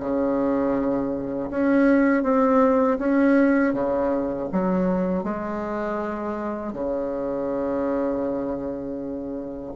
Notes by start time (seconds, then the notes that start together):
0.00 C#3
1.51 C#4
2.23 C4
2.99 C#4
3.74 C#3
4.53 F#3
5.24 G#3
6.73 C#3